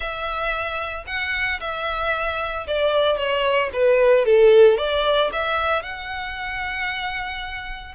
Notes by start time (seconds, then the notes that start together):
0.00 E5
1.06 F#5
1.60 E5
2.67 D5
3.17 C#5
3.73 B4
4.25 A4
4.77 D5
5.32 E5
5.82 F#5